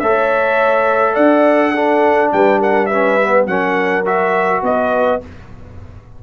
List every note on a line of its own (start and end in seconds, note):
0.00 1.17 A3
0.00 1.76 A4
0.00 1.13 C#5
0.00 1.15 E5
1.13 2.32 D4
1.13 1.71 D5
1.13 2.31 F#5
1.74 2.91 D4
1.74 2.32 A4
2.33 3.47 G3
2.33 2.60 B4
2.33 2.61 G5
2.60 2.88 A#4
2.60 2.86 F#5
2.86 3.20 C#4
2.86 3.46 B4
2.86 3.44 E5
3.21 3.49 B3
3.47 4.62 F#3
3.47 4.06 C#4
3.47 4.65 A#4
3.47 4.05 F#5
4.06 5.21 F#4
4.06 4.64 E5
4.63 5.21 B3
4.63 5.24 B4
4.63 5.23 D#5